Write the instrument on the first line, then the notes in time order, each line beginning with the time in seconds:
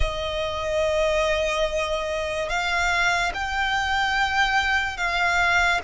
violin
0.00 D#5
2.49 F5
3.33 G5
4.97 F5